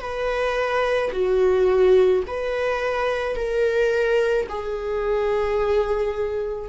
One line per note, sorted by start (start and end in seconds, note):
0.00 1.11 B4
1.12 2.23 F#4
2.27 3.35 B4
3.35 4.46 A#4
4.48 6.68 G#4